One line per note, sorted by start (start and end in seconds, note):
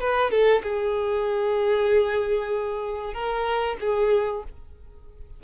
0.00 0.30 B4
0.30 0.62 A4
0.63 3.14 G#4
3.14 3.77 A#4
3.80 4.43 G#4